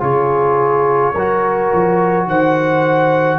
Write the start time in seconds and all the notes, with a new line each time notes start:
0.00 C#3 F4 G#4 C#5
1.13 F#3 F#4 A#4
1.73 F3
2.26 D#3 C5 F#5